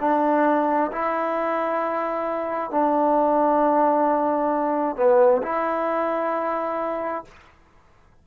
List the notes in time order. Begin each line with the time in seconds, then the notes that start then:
0.00 D4
0.92 E4
2.71 D4
4.96 B3
5.42 E4